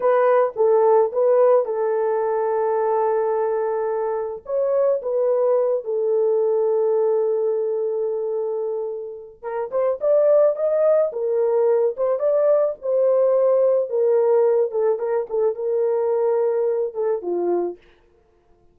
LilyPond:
\new Staff \with { instrumentName = "horn" } { \time 4/4 \tempo 4 = 108 b'4 a'4 b'4 a'4~ | a'1 | cis''4 b'4. a'4.~ | a'1~ |
a'4 ais'8 c''8 d''4 dis''4 | ais'4. c''8 d''4 c''4~ | c''4 ais'4. a'8 ais'8 a'8 | ais'2~ ais'8 a'8 f'4 | }